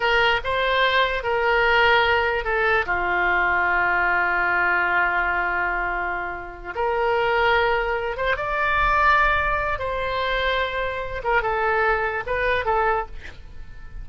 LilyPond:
\new Staff \with { instrumentName = "oboe" } { \time 4/4 \tempo 4 = 147 ais'4 c''2 ais'4~ | ais'2 a'4 f'4~ | f'1~ | f'1~ |
f'8 ais'2.~ ais'8 | c''8 d''2.~ d''8 | c''2.~ c''8 ais'8 | a'2 b'4 a'4 | }